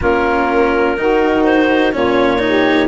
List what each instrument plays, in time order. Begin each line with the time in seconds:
0.00 bassoon A#3, cello C#4, saxophone F4, clarinet A#4
0.97 bassoon D#3, cello D#4, saxophone F#4
1.44 clarinet C5
1.92 bassoon A#2, cello C#4, saxophone F4, clarinet C#5
2.38 cello D#4
2.45 saxophone G4